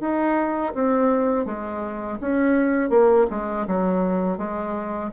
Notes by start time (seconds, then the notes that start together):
0.00 D#4
0.74 C4
1.45 G#3
2.21 C#4
2.89 A#3
3.30 G#3
3.67 F#3
4.37 G#3